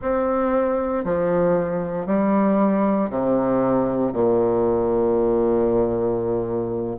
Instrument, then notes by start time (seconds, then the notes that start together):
bassoon
0.01 C4
1.04 F3
2.06 G3
3.10 C3
4.12 A#2